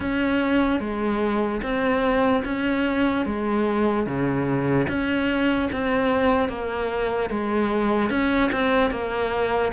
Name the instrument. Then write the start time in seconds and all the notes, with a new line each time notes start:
cello
0.00 C#4
0.80 G#3
1.62 C4
2.44 C#4
3.25 G#3
4.06 C#3
4.88 C#4
5.72 C4
6.49 A#3
7.30 G#3
8.09 C#4
8.51 C4
8.90 A#3